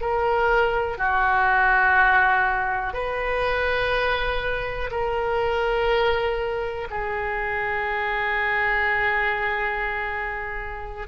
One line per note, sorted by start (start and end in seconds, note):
0.00 0.97 A#4
0.97 2.93 F#4
2.93 4.90 B4
4.91 6.88 A#4
6.90 11.07 G#4